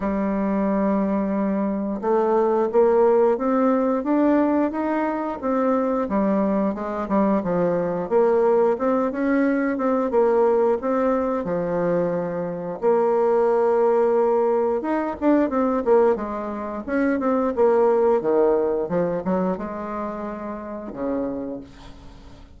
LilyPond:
\new Staff \with { instrumentName = "bassoon" } { \time 4/4 \tempo 4 = 89 g2. a4 | ais4 c'4 d'4 dis'4 | c'4 g4 gis8 g8 f4 | ais4 c'8 cis'4 c'8 ais4 |
c'4 f2 ais4~ | ais2 dis'8 d'8 c'8 ais8 | gis4 cis'8 c'8 ais4 dis4 | f8 fis8 gis2 cis4 | }